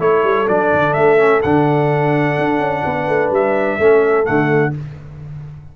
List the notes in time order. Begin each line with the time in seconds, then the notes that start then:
0.00 A3 E4 A4 C#5
0.24 G3
0.48 F#3 D4 D5
0.73 D3
0.94 A3 E5
1.18 C#4
1.42 D3 D4 F#5
2.38 D4
2.59 C#4
2.86 B3 B4
3.08 A3
3.31 G3 E5
3.79 A3 C#4 A4
4.24 D3 A3 F#5